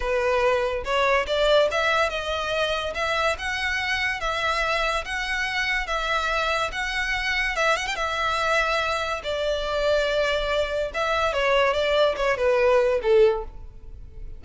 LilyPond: \new Staff \with { instrumentName = "violin" } { \time 4/4 \tempo 4 = 143 b'2 cis''4 d''4 | e''4 dis''2 e''4 | fis''2 e''2 | fis''2 e''2 |
fis''2 e''8 fis''16 g''16 e''4~ | e''2 d''2~ | d''2 e''4 cis''4 | d''4 cis''8 b'4. a'4 | }